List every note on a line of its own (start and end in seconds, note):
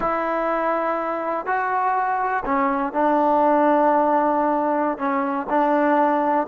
0.00 1.45 E4
1.46 2.43 F#4
2.45 2.92 C#4
2.92 4.98 D4
4.98 5.47 C#4
5.49 6.47 D4